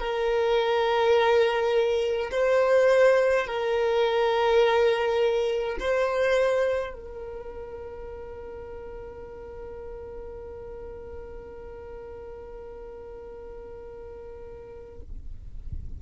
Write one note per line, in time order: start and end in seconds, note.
0.00 2.31 A#4
2.32 3.47 C5
3.47 5.78 A#4
5.80 6.93 C5
6.93 15.01 A#4